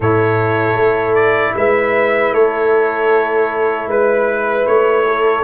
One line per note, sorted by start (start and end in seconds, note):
0.00 0.74 A2
0.00 5.44 E4
0.00 1.56 A4
0.00 1.14 C#5
0.74 1.52 A3
1.14 1.53 D5
1.55 2.32 G#3
1.55 2.34 B4
1.55 2.33 E5
2.32 3.86 A3
2.32 3.88 A4
2.32 3.89 C#5
3.86 4.64 G#3
3.86 5.05 B4
3.86 4.67 B4
4.66 5.44 A3
4.66 5.44 C#5
5.06 5.44 A4